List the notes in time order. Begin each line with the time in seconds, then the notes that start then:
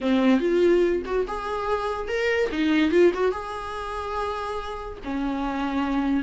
0.01 C4
0.39 F4
1.05 F#4
1.27 G#4
2.08 A#4
2.51 D#4
2.91 F4
3.14 F#4
3.31 G#4
5.04 C#4